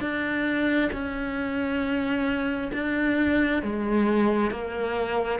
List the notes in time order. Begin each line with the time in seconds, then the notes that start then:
0.00 D4
0.92 C#4
2.73 D4
3.62 G#3
4.51 A#3